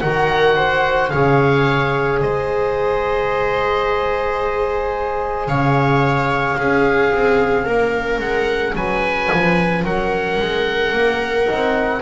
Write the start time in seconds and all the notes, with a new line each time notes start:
0.00 D#3 F#4 A#4 F#5
0.56 C5
1.09 C#3 G#4 C#5 F5
2.21 G#3 C5 D#5
5.47 C#3 C#5 F5
6.57 C#4 G#4
7.12 C4
7.64 A#3 A#4
8.19 G#3 F#5
8.75 F#3 B4 G#5
9.32 F3
9.84 F#3 A#4 F#5
10.39 G#3
10.92 A#3
11.46 D#4
11.52 C4